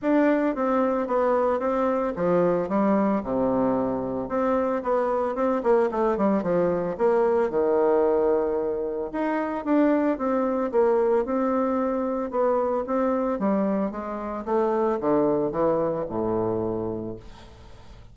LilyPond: \new Staff \with { instrumentName = "bassoon" } { \time 4/4 \tempo 4 = 112 d'4 c'4 b4 c'4 | f4 g4 c2 | c'4 b4 c'8 ais8 a8 g8 | f4 ais4 dis2~ |
dis4 dis'4 d'4 c'4 | ais4 c'2 b4 | c'4 g4 gis4 a4 | d4 e4 a,2 | }